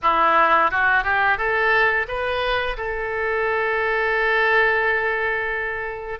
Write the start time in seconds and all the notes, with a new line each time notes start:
0.02 E4
0.71 F#4
1.03 G4
1.37 A4
2.08 B4
2.77 A4